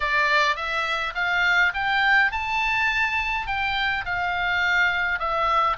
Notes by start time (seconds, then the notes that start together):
0.00 D5
0.56 E5
1.15 F5
1.74 G5
2.31 A5
3.46 G5
4.05 F5
5.19 E5